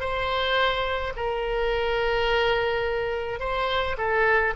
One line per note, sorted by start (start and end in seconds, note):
0.00 1.13 C5
1.16 3.40 A#4
3.40 3.96 C5
3.98 4.54 A4